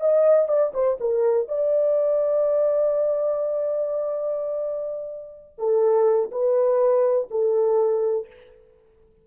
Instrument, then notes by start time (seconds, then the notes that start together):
horn
0.00 D#5
0.48 D5
0.74 C5
1.00 A#4
1.48 D5
5.58 A4
6.31 B4
7.30 A4